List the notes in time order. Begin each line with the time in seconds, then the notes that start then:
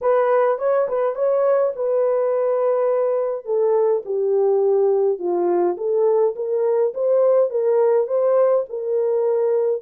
0.01 B4
0.58 C#5
0.88 B4
1.15 C#5
1.75 B4
3.45 A4
4.05 G4
5.18 F4
5.77 A4
6.35 A#4
6.94 C5
7.49 A#4
8.07 C5
8.69 A#4